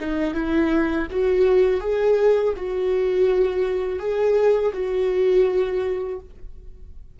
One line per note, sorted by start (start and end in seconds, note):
0.00 0.34 D#4
0.34 1.07 E4
1.10 1.80 F#4
1.80 2.53 G#4
2.56 3.99 F#4
3.99 4.72 G#4
4.73 6.20 F#4